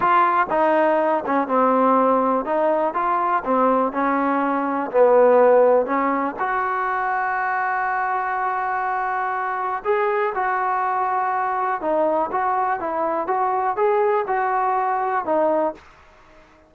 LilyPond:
\new Staff \with { instrumentName = "trombone" } { \time 4/4 \tempo 4 = 122 f'4 dis'4. cis'8 c'4~ | c'4 dis'4 f'4 c'4 | cis'2 b2 | cis'4 fis'2.~ |
fis'1 | gis'4 fis'2. | dis'4 fis'4 e'4 fis'4 | gis'4 fis'2 dis'4 | }